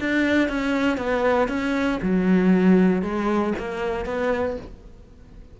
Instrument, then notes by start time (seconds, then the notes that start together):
cello
0.00 D4
0.48 C#4
0.97 B3
1.48 C#4
2.02 F#3
3.02 G#3
3.59 A#3
4.05 B3